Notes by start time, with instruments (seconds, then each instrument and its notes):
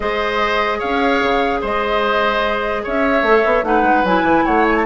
0.00 bassoon G#3, clarinet G#4, oboe C5, flute D#5
0.78 bassoon C#4, oboe C#5, flute F5
1.22 bassoon C#3
1.60 bassoon G#3, oboe C5, flute D#5
2.83 bassoon C#4, oboe C#5, flute E5
3.22 bassoon A3, clarinet A4
3.45 bassoon B3
3.62 bassoon A3, clarinet D#4, oboe B4, flute F#5
3.82 bassoon G#3
4.04 bassoon F#3, clarinet E4, flute G#5
4.22 bassoon E3
4.44 bassoon A3, oboe C#5, flute F#5
4.68 flute G#5
4.75 flute A5